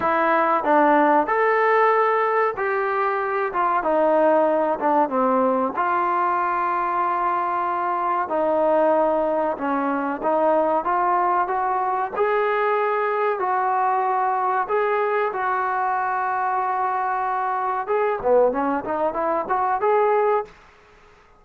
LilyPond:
\new Staff \with { instrumentName = "trombone" } { \time 4/4 \tempo 4 = 94 e'4 d'4 a'2 | g'4. f'8 dis'4. d'8 | c'4 f'2.~ | f'4 dis'2 cis'4 |
dis'4 f'4 fis'4 gis'4~ | gis'4 fis'2 gis'4 | fis'1 | gis'8 b8 cis'8 dis'8 e'8 fis'8 gis'4 | }